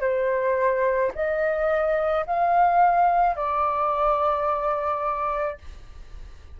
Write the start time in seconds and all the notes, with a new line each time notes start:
0.00 C5
1.14 D#5
2.26 F5
3.35 D5